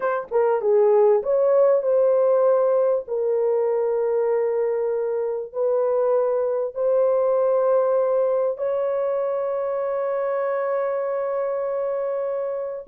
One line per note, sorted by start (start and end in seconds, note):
0.00 0.27 C5
0.31 0.61 A#4
0.61 1.22 G#4
1.22 1.82 C#5
1.82 3.04 C5
3.08 5.52 A#4
5.52 6.74 B4
6.74 8.57 C5
8.57 12.86 C#5